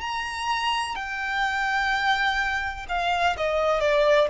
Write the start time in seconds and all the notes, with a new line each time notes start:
0.00 A#5
0.95 G5
2.88 F5
3.37 D#5
3.80 D5